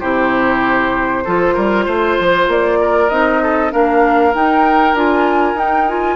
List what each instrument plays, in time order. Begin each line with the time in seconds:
0.00 bassoon C3, clarinet E4, oboe G4, flute C5
1.25 bassoon F3, clarinet F4, oboe A4
1.54 bassoon G3, oboe A#4
1.85 bassoon A3, oboe C5
2.19 bassoon F3
2.48 bassoon A#3, flute D5
2.81 oboe A#4
3.09 bassoon C4, clarinet D#4, flute D#5
3.43 oboe A4
3.71 bassoon A#3, clarinet D4, oboe A#4, flute F5
4.34 clarinet D#4, bassoon D#4, flute G5
4.94 bassoon D4, clarinet F4, flute G#5
5.55 bassoon D#4, clarinet D#4, flute G5
5.88 clarinet F4, flute G#5